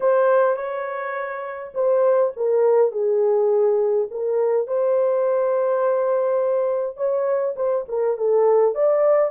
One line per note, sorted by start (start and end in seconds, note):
0.00 0.56 C5
0.56 1.72 C#5
1.74 2.32 C5
2.36 2.91 A#4
2.91 4.08 G#4
4.11 4.67 A#4
4.67 6.96 C5
6.96 7.55 C#5
7.56 7.85 C5
7.88 8.17 A#4
8.17 8.75 A4
8.75 9.30 D5